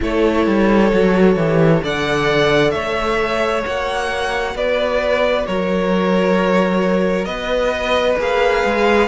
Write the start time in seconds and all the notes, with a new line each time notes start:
0.00 A3 E4 A4 C#5
0.47 G3
0.92 F#3 F#4
1.35 E3 G4
1.83 D3 A4 D5 F#5
2.70 A3 C#5 E5
3.64 A#3 F#4 F#5
4.54 B3 B4 D5
5.46 F#3 A#4 C#5
7.25 B3 B4 D#5
8.18 A#3 G#4 F5
8.65 G#3